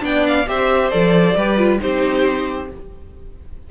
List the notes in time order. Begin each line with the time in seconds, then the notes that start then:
0.00 B3 D4 D5 G5
0.27 F5
0.47 C4 G4 C5 E5
0.90 F3 A4 D5
1.35 G3 G4 B4
1.57 F4
1.80 C4 D#4 G4 C5